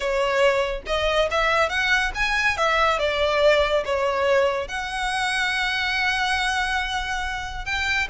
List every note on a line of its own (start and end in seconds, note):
0.00 0.82 C#5
0.86 1.28 D#5
1.31 1.69 E5
1.69 2.11 F#5
2.15 2.57 G#5
2.57 2.99 E5
2.99 3.84 D5
3.85 4.68 C#5
4.68 7.65 F#5
7.65 8.08 G5